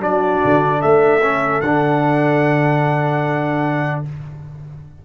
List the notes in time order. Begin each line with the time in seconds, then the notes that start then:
0.00 F#3 D4 F#4 D5
0.44 D3
0.80 A3 A4 E5
1.22 C#4
1.61 D3 D4 F#5